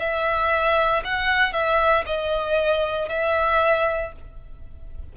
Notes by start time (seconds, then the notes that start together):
0.00 E5
1.05 F#5
1.53 E5
2.06 D#5
3.09 E5